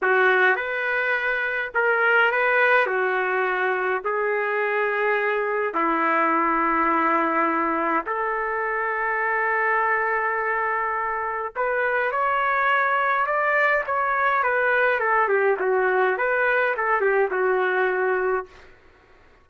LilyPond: \new Staff \with { instrumentName = "trumpet" } { \time 4/4 \tempo 4 = 104 fis'4 b'2 ais'4 | b'4 fis'2 gis'4~ | gis'2 e'2~ | e'2 a'2~ |
a'1 | b'4 cis''2 d''4 | cis''4 b'4 a'8 g'8 fis'4 | b'4 a'8 g'8 fis'2 | }